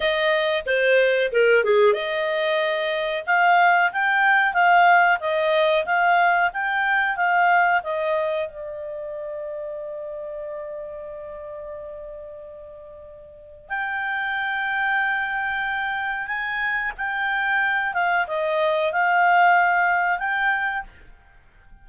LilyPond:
\new Staff \with { instrumentName = "clarinet" } { \time 4/4 \tempo 4 = 92 dis''4 c''4 ais'8 gis'8 dis''4~ | dis''4 f''4 g''4 f''4 | dis''4 f''4 g''4 f''4 | dis''4 d''2.~ |
d''1~ | d''4 g''2.~ | g''4 gis''4 g''4. f''8 | dis''4 f''2 g''4 | }